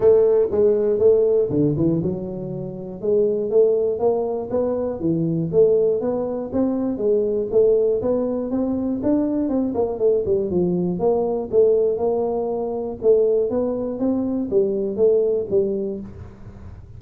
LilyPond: \new Staff \with { instrumentName = "tuba" } { \time 4/4 \tempo 4 = 120 a4 gis4 a4 d8 e8 | fis2 gis4 a4 | ais4 b4 e4 a4 | b4 c'4 gis4 a4 |
b4 c'4 d'4 c'8 ais8 | a8 g8 f4 ais4 a4 | ais2 a4 b4 | c'4 g4 a4 g4 | }